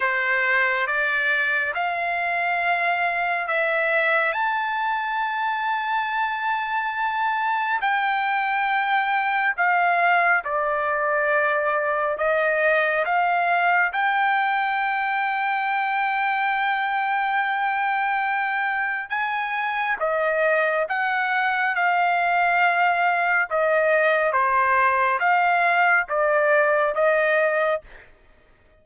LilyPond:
\new Staff \with { instrumentName = "trumpet" } { \time 4/4 \tempo 4 = 69 c''4 d''4 f''2 | e''4 a''2.~ | a''4 g''2 f''4 | d''2 dis''4 f''4 |
g''1~ | g''2 gis''4 dis''4 | fis''4 f''2 dis''4 | c''4 f''4 d''4 dis''4 | }